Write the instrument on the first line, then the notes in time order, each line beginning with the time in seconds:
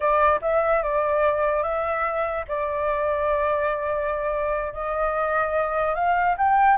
flute
0.00 D5
0.41 E5
0.82 D5
1.63 E5
2.48 D5
4.73 D#5
5.95 F5
6.37 G5